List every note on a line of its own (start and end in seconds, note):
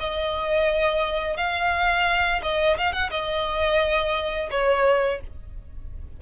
0.00 1.37 D#5
1.37 2.42 F5
2.43 2.78 D#5
2.78 2.93 F5
2.93 3.10 F#5
3.10 4.50 D#5
4.51 5.21 C#5